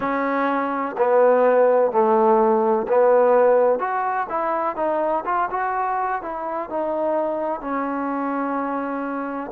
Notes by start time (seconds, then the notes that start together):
0.00 C#4
0.97 B3
1.91 A3
2.87 B3
3.79 F#4
4.29 E4
4.76 D#4
5.25 F4
5.50 F#4
6.22 E4
6.69 D#4
7.60 C#4